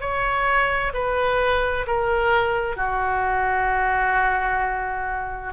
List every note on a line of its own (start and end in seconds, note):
0.00 0.92 C#5
0.93 1.85 B4
1.87 2.77 A#4
2.77 5.53 F#4